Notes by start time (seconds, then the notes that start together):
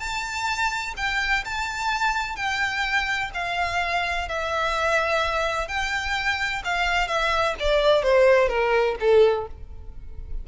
0.00 A5
0.97 G5
1.45 A5
2.36 G5
3.35 F5
4.29 E5
5.68 G5
6.65 F5
7.08 E5
7.60 D5
8.03 C5
8.49 A#4
9.00 A4